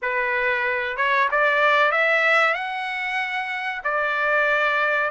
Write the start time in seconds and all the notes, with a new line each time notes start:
0.02 B4
0.96 C#5
1.31 D5
1.91 E5
2.54 F#5
3.84 D5